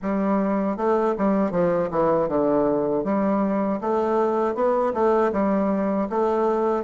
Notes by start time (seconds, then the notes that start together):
0.02 G3
0.76 A3
1.18 G3
1.51 F3
1.90 E3
2.28 D3
3.03 G3
3.80 A3
4.55 B3
4.93 A3
5.32 G3
6.09 A3